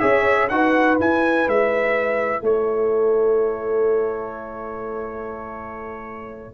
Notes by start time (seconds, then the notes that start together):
0.00 C#4 G#4 C#5 E5
0.49 D#4 F#4 B4 F#5
0.99 E4 G#5
1.48 G#3 E5
2.42 A3 A4 C#5